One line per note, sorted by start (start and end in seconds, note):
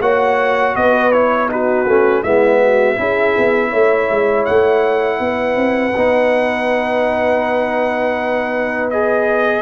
0.00 0.74 A#3
0.00 1.12 F#4
0.00 0.75 C#5
0.00 0.76 F#5
0.76 1.86 B3
0.76 1.51 B4
0.76 1.12 D#5
1.12 1.49 E4
1.12 1.49 C#5
1.49 1.86 D#4
1.49 2.22 F#4
1.49 2.23 B4
1.86 2.23 A3
1.86 2.24 C#4
2.22 2.98 G#3
2.22 2.96 B3
2.22 2.59 E4
2.22 4.45 E5
2.61 2.98 F#4
2.96 3.36 C#4
2.96 5.92 E4
2.96 3.69 G#4
3.37 3.72 B3
3.69 4.09 A3
3.69 5.17 C#5
4.10 4.47 G#3
4.45 5.19 A3
4.45 8.90 F#5
5.19 5.56 B3
5.19 9.62 B4
5.56 5.93 C4
5.96 9.62 B3
5.96 8.92 D#4
8.90 9.62 G#4
8.90 9.62 D#5